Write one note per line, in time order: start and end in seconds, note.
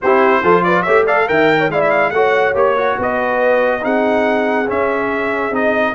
0.01 0.42 C4
0.01 0.43 E4
0.01 0.42 G4
0.01 0.63 C5
0.42 0.85 F3
0.42 0.86 F4
0.42 0.63 A4
0.63 0.83 B4
0.63 0.82 D5
0.82 1.29 A3
0.82 1.07 G4
0.82 1.05 C#5
0.82 1.03 E5
1.05 1.27 A4
1.05 1.26 D5
1.05 1.28 F5
1.27 1.68 D#3
1.27 1.70 A#4
1.27 1.58 E5
1.27 1.70 G5
1.58 1.68 C#5
1.68 2.11 G#3
1.68 2.13 E4
1.68 2.15 D5
1.68 1.81 F5
1.81 1.90 E5
1.90 2.10 F5
2.10 2.53 A3
2.10 2.55 F#4
2.10 2.97 C#5
2.10 2.53 F#5
2.54 2.97 A#3
2.54 2.76 G4
2.54 2.99 C#5
2.76 3.80 F#4
2.97 3.84 B3
2.97 3.82 B4
2.97 3.84 D#5
3.80 4.69 C4
3.80 4.66 D#4
3.80 5.94 G#4
3.80 4.69 F#5
4.67 5.51 C#4
4.67 5.50 C#4
4.67 5.54 E5
5.50 5.93 C4
5.50 5.94 D#4
5.50 5.94 D#5